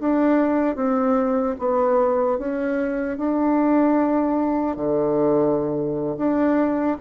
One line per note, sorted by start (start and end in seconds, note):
0.00 0.76 D4
0.76 1.56 C4
1.59 2.39 B3
2.39 3.18 C#4
3.18 4.77 D4
4.77 6.17 D3
6.18 6.98 D4